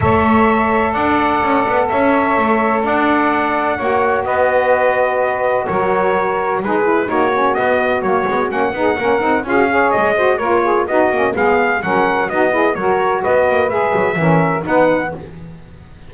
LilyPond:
<<
  \new Staff \with { instrumentName = "trumpet" } { \time 4/4 \tempo 4 = 127 e''2 fis''2 | e''2 fis''2~ | fis''4 dis''2. | cis''2 b'4 cis''4 |
dis''4 cis''4 fis''2 | f''4 dis''4 cis''4 dis''4 | f''4 fis''4 dis''4 cis''4 | dis''4 e''2 fis''4 | }
  \new Staff \with { instrumentName = "saxophone" } { \time 4/4 cis''2 d''2 | cis''2 d''2 | cis''4 b'2. | ais'2 gis'4 fis'4~ |
fis'2~ fis'8 gis'8 ais'4 | gis'8 cis''4 c''8 ais'8 gis'8 fis'4 | gis'4 ais'4 fis'8 gis'8 ais'4 | b'2 ais'4 b'4 | }
  \new Staff \with { instrumentName = "saxophone" } { \time 4/4 a'1~ | a'1 | fis'1~ | fis'2 dis'8 e'8 dis'8 cis'8 |
b4 ais8 b8 cis'8 dis'8 cis'8 dis'8 | f'16 fis'16 gis'4 fis'8 f'4 dis'8 cis'8 | b4 cis'4 dis'8 e'8 fis'4~ | fis'4 gis'4 cis'4 dis'4 | }
  \new Staff \with { instrumentName = "double bass" } { \time 4/4 a2 d'4 cis'8 b8 | cis'4 a4 d'2 | ais4 b2. | fis2 gis4 ais4 |
b4 fis8 gis8 ais8 b8 ais8 c'8 | cis'4 gis4 ais4 b8 ais8 | gis4 fis4 b4 fis4 | b8 ais8 gis8 fis8 e4 b4 | }
>>